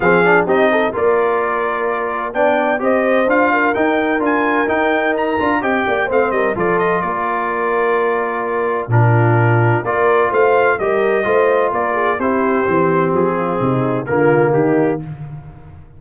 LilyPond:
<<
  \new Staff \with { instrumentName = "trumpet" } { \time 4/4 \tempo 4 = 128 f''4 dis''4 d''2~ | d''4 g''4 dis''4 f''4 | g''4 gis''4 g''4 ais''4 | g''4 f''8 dis''8 d''8 dis''8 d''4~ |
d''2. ais'4~ | ais'4 d''4 f''4 dis''4~ | dis''4 d''4 c''2 | gis'2 ais'4 g'4 | }
  \new Staff \with { instrumentName = "horn" } { \time 4/4 gis'4 g'8 a'8 ais'2~ | ais'4 d''4 c''4. ais'8~ | ais'1 | dis''8 d''8 c''8 ais'8 a'4 ais'4~ |
ais'2. f'4~ | f'4 ais'4 c''4 ais'4 | c''4 ais'8 gis'8 g'2~ | g'8 f'8 dis'4 f'4 dis'4 | }
  \new Staff \with { instrumentName = "trombone" } { \time 4/4 c'8 d'8 dis'4 f'2~ | f'4 d'4 g'4 f'4 | dis'4 f'4 dis'4. f'8 | g'4 c'4 f'2~ |
f'2. d'4~ | d'4 f'2 g'4 | f'2 e'4 c'4~ | c'2 ais2 | }
  \new Staff \with { instrumentName = "tuba" } { \time 4/4 f4 c'4 ais2~ | ais4 b4 c'4 d'4 | dis'4 d'4 dis'4. d'8 | c'8 ais8 a8 g8 f4 ais4~ |
ais2. ais,4~ | ais,4 ais4 a4 g4 | a4 ais4 c'4 e4 | f4 c4 d4 dis4 | }
>>